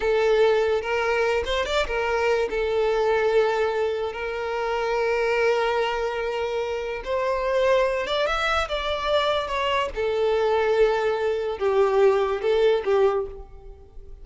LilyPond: \new Staff \with { instrumentName = "violin" } { \time 4/4 \tempo 4 = 145 a'2 ais'4. c''8 | d''8 ais'4. a'2~ | a'2 ais'2~ | ais'1~ |
ais'4 c''2~ c''8 d''8 | e''4 d''2 cis''4 | a'1 | g'2 a'4 g'4 | }